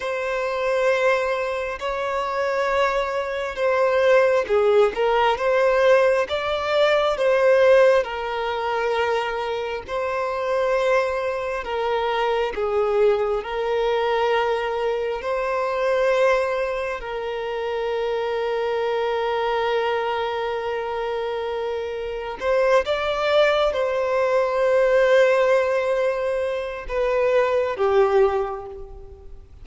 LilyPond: \new Staff \with { instrumentName = "violin" } { \time 4/4 \tempo 4 = 67 c''2 cis''2 | c''4 gis'8 ais'8 c''4 d''4 | c''4 ais'2 c''4~ | c''4 ais'4 gis'4 ais'4~ |
ais'4 c''2 ais'4~ | ais'1~ | ais'4 c''8 d''4 c''4.~ | c''2 b'4 g'4 | }